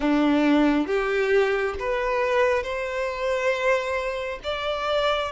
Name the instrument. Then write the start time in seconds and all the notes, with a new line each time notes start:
violin
0.00 D4
0.86 G4
1.79 B4
2.63 C5
4.43 D5